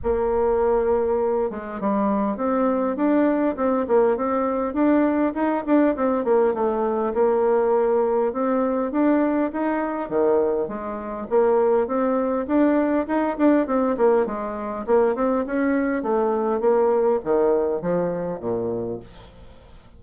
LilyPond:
\new Staff \with { instrumentName = "bassoon" } { \time 4/4 \tempo 4 = 101 ais2~ ais8 gis8 g4 | c'4 d'4 c'8 ais8 c'4 | d'4 dis'8 d'8 c'8 ais8 a4 | ais2 c'4 d'4 |
dis'4 dis4 gis4 ais4 | c'4 d'4 dis'8 d'8 c'8 ais8 | gis4 ais8 c'8 cis'4 a4 | ais4 dis4 f4 ais,4 | }